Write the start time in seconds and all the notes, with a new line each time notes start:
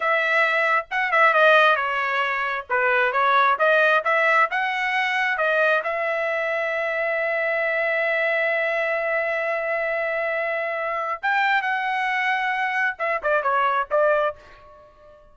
0.00 E5
0.90 F#5
1.11 E5
1.33 D#5
1.76 C#5
2.69 B4
3.12 C#5
3.58 D#5
4.04 E5
4.50 F#5
5.37 D#5
5.83 E5
11.22 G5
11.62 F#5
12.98 E5
13.23 D5
13.42 C#5
13.91 D5